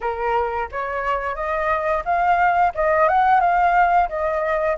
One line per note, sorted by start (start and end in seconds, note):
0.00 0.68 A#4
0.71 1.35 C#5
1.35 2.03 D#5
2.05 2.73 F5
2.75 3.08 D#5
3.08 3.40 F#5
3.40 4.08 F5
4.08 4.76 D#5